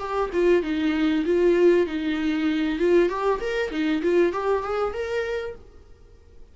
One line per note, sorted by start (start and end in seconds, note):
0.00 0.31 G4
0.33 0.63 F4
0.63 1.25 D#4
1.26 1.87 F4
1.87 2.79 D#4
2.79 3.10 F4
3.10 3.40 G4
3.41 3.71 A#4
3.71 4.02 D#4
4.03 4.33 F4
4.33 4.63 G4
4.63 4.94 G#4
4.94 5.56 A#4